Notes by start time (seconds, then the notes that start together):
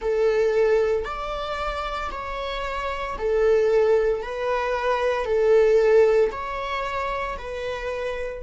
0.00 A4
1.04 D5
2.11 C#5
3.18 A4
4.22 B4
5.25 A4
6.32 C#5
7.37 B4